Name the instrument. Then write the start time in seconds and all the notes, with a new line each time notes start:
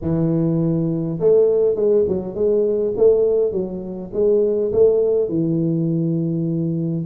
tuba
0.01 E3
1.20 A3
1.75 G#3
2.07 F#3
2.34 G#3
2.97 A3
3.51 F#3
4.13 G#3
4.72 A3
5.28 E3